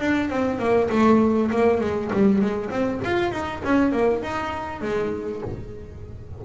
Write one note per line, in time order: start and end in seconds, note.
0.00 0.30 D4
0.30 0.59 C4
0.59 0.90 A#3
0.90 1.51 A3
1.51 1.81 A#3
1.81 2.11 G#3
2.13 2.42 G3
2.42 2.70 G#3
2.70 3.01 C4
3.04 3.32 F4
3.32 3.62 D#4
3.64 3.92 C#4
3.92 4.23 A#3
4.23 4.81 D#4
4.81 5.42 G#3